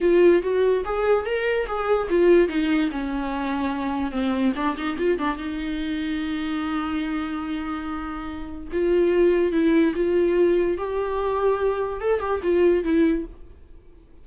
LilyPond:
\new Staff \with { instrumentName = "viola" } { \time 4/4 \tempo 4 = 145 f'4 fis'4 gis'4 ais'4 | gis'4 f'4 dis'4 cis'4~ | cis'2 c'4 d'8 dis'8 | f'8 d'8 dis'2.~ |
dis'1~ | dis'4 f'2 e'4 | f'2 g'2~ | g'4 a'8 g'8 f'4 e'4 | }